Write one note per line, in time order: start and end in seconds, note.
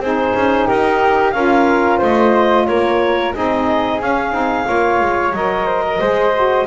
0.00 0.33 C4
0.00 1.35 D#4
0.00 0.67 G#4
0.00 0.67 C5
0.35 0.69 C#4
0.67 1.34 D#4
0.67 1.33 G4
0.67 1.31 A#4
1.31 2.00 C#4
1.31 3.34 F4
1.31 1.98 A#4
1.31 1.98 F5
1.98 2.68 A3
1.98 2.64 C5
1.98 2.67 D#5
2.67 3.35 A#3
2.67 3.35 A#4
2.67 3.33 C#5
3.34 4.01 C4
3.34 4.00 D#4
3.34 4.67 G#4
3.34 4.01 D#5
4.00 4.32 C#4
4.00 5.34 F5
4.32 4.65 C4
4.32 4.65 D#4
4.65 5.00 A#3
4.65 5.32 F4
4.65 5.67 C#5
5.00 5.32 G#3
5.32 5.99 F#3
5.32 6.00 A#4
5.32 6.67 D#5
5.67 5.83 C5
5.84 5.99 A#4
5.99 6.67 G#3
5.99 6.34 G#4
5.99 6.66 C5
6.34 6.67 F#4